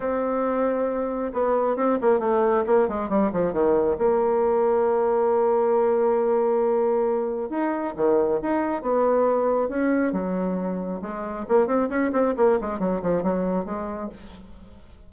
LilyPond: \new Staff \with { instrumentName = "bassoon" } { \time 4/4 \tempo 4 = 136 c'2. b4 | c'8 ais8 a4 ais8 gis8 g8 f8 | dis4 ais2.~ | ais1~ |
ais4 dis'4 dis4 dis'4 | b2 cis'4 fis4~ | fis4 gis4 ais8 c'8 cis'8 c'8 | ais8 gis8 fis8 f8 fis4 gis4 | }